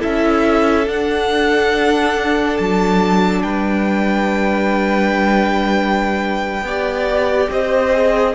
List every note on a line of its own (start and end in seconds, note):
0.00 0.87 C#4
0.00 0.86 E4
0.00 3.43 A4
0.00 0.88 E5
0.87 2.59 D4
0.87 6.66 D4
0.87 2.57 F#5
2.57 3.44 F#3
2.57 3.43 A5
3.43 6.62 G3
3.43 6.65 B4
3.43 7.50 G5
6.62 7.47 B3
6.62 7.93 G4
6.62 7.53 D5
7.50 8.36 C4
7.50 8.36 C5
7.50 8.36 D#5
7.93 8.36 G#4